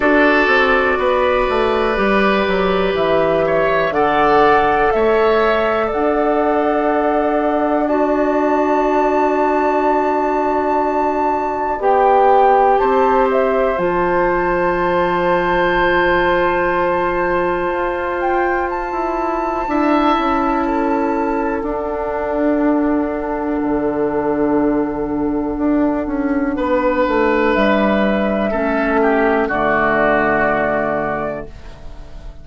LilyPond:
<<
  \new Staff \with { instrumentName = "flute" } { \time 4/4 \tempo 4 = 61 d''2. e''4 | fis''4 e''4 fis''2 | a''1 | g''4 a''8 e''8 a''2~ |
a''2~ a''8 g''8 a''4~ | a''2 fis''2~ | fis''1 | e''2 d''2 | }
  \new Staff \with { instrumentName = "oboe" } { \time 4/4 a'4 b'2~ b'8 cis''8 | d''4 cis''4 d''2~ | d''1~ | d''4 c''2.~ |
c''1 | e''4 a'2.~ | a'2. b'4~ | b'4 a'8 g'8 fis'2 | }
  \new Staff \with { instrumentName = "clarinet" } { \time 4/4 fis'2 g'2 | a'1 | fis'1 | g'2 f'2~ |
f'1 | e'2 d'2~ | d'1~ | d'4 cis'4 a2 | }
  \new Staff \with { instrumentName = "bassoon" } { \time 4/4 d'8 c'8 b8 a8 g8 fis8 e4 | d4 a4 d'2~ | d'1 | b4 c'4 f2~ |
f2 f'4~ f'16 e'8. | d'8 cis'4. d'2 | d2 d'8 cis'8 b8 a8 | g4 a4 d2 | }
>>